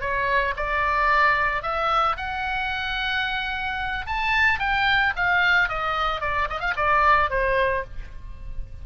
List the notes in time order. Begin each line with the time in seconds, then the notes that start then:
0.00 C#5
0.56 D5
1.62 E5
2.16 F#5
4.06 A5
4.59 G5
5.15 F5
5.69 D#5
6.20 D5
6.49 D#5
6.60 F5
6.76 D5
7.30 C5